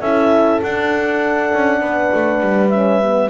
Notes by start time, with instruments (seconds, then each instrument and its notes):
0.00 double bass C#4, horn E4 A4, clarinet E5
0.62 double bass D4, horn D4, clarinet F#5
1.53 double bass C#4
1.80 double bass B3, horn B4
2.14 double bass A3
2.40 double bass G3
2.69 horn C#4, clarinet E5
3.02 horn B3